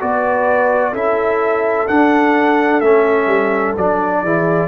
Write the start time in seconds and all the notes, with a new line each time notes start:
0.00 B3 F#4 B4 D5
0.92 C#4 E4 A4 E5
1.88 D4 F#5
2.81 A3 C#4 E5
3.27 G3
3.78 F#3 D4 D5
4.23 E3 E4 G#4